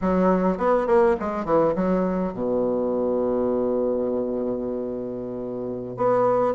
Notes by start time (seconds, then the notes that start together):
0.01 F#3
0.57 B3
0.87 A#3
1.19 G#3
1.44 E3
1.75 F#3
2.33 B2
5.96 B3